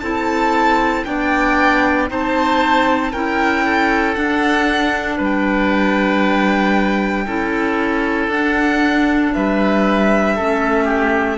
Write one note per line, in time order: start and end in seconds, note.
0.00 1.05 C4
0.00 1.05 E4
0.00 1.06 A4
0.00 1.03 A5
1.04 2.10 B3
1.04 2.08 D4
1.04 2.09 D5
1.04 2.08 G5
2.08 3.13 C4
2.08 3.11 D#4
2.08 3.12 C5
2.08 3.12 A5
3.12 4.16 C#4
3.12 4.15 E4
3.12 3.64 A#4
3.12 4.14 G5
3.65 5.17 A4
4.14 7.25 D4
4.14 5.19 D4
4.14 5.17 F#5
5.17 7.26 G3
5.17 7.24 B4
5.24 8.30 G5
7.26 8.27 C#4
7.26 8.31 E4
7.26 9.33 A4
8.27 9.31 D4
8.27 10.39 D4
8.27 9.33 F#5
9.33 10.39 G3
9.33 10.35 B4
9.33 11.37 E5
10.35 11.37 A3
10.35 11.37 C#4
10.35 10.84 A4
10.84 11.36 G4